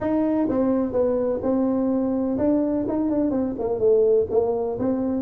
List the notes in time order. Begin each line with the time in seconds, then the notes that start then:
0.00 D#4
0.48 C4
0.92 B3
1.42 C4
2.38 D4
2.88 D#4
3.10 D4
3.30 C4
3.58 A#3
3.79 A3
4.30 A#3
4.79 C4